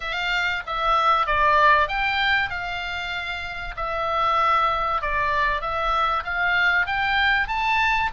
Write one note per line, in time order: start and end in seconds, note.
0.00 0.62 F5
0.66 1.26 E5
1.26 1.88 D5
1.88 2.50 G5
2.50 3.75 F5
3.76 5.01 E5
5.01 5.61 D5
5.61 6.23 E5
6.24 6.86 F5
6.86 7.47 G5
7.47 8.09 A5